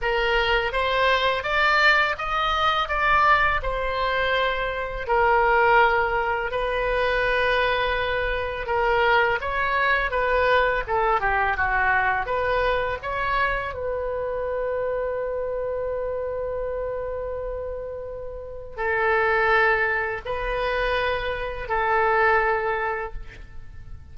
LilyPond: \new Staff \with { instrumentName = "oboe" } { \time 4/4 \tempo 4 = 83 ais'4 c''4 d''4 dis''4 | d''4 c''2 ais'4~ | ais'4 b'2. | ais'4 cis''4 b'4 a'8 g'8 |
fis'4 b'4 cis''4 b'4~ | b'1~ | b'2 a'2 | b'2 a'2 | }